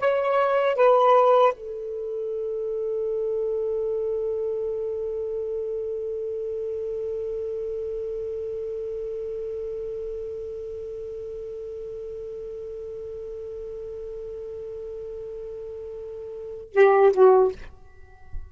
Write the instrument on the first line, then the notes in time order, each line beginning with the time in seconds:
saxophone
0.00 C#5
0.76 B4
1.54 A4
16.74 G4
17.13 F#4